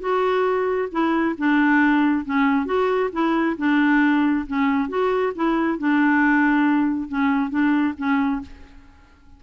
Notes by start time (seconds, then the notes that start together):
0.00 F#4
0.91 E4
1.38 D4
2.25 C#4
2.66 F#4
3.12 E4
3.58 D4
4.47 C#4
4.89 F#4
5.35 E4
5.78 D4
7.08 C#4
7.50 D4
7.97 C#4